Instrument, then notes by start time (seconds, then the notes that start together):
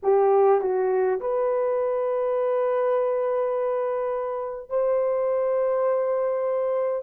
horn
0.03 G4
0.61 F#4
1.20 B4
4.70 C5